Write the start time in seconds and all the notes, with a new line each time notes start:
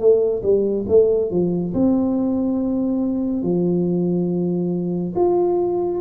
0.00 A3
0.43 G3
0.88 A3
1.31 F3
1.74 C4
3.43 F3
5.16 F4